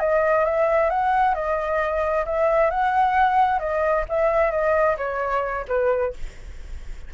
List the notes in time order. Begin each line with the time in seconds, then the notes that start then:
0.00 D#5
0.45 E5
0.90 F#5
1.35 D#5
2.26 E5
2.71 F#5
3.60 D#5
4.09 E5
4.51 D#5
4.98 C#5
5.68 B4